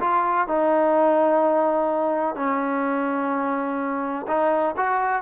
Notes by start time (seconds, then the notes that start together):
0.00 F4
0.48 D#4
2.36 C#4
4.28 D#4
4.77 F#4